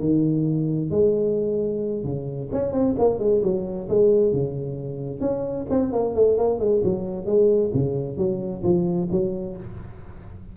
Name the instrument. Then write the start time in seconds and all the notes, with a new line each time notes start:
tuba
0.00 D#3
0.91 G#3
2.05 C#3
2.53 C#4
2.73 C4
2.99 A#3
3.19 G#3
3.43 F#3
3.89 G#3
4.33 C#3
5.21 C#4
5.70 C4
5.93 A#3
6.15 A3
6.38 A#3
6.60 G#3
6.84 F#3
7.26 G#3
7.74 C#3
8.18 F#3
8.63 F3
9.12 F#3